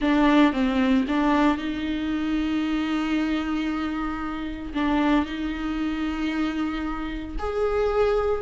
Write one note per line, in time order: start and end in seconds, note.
0.01 0.52 D4
0.52 1.05 C4
1.07 1.57 D4
1.57 4.73 D#4
4.74 5.25 D4
5.25 7.36 D#4
7.39 8.41 G#4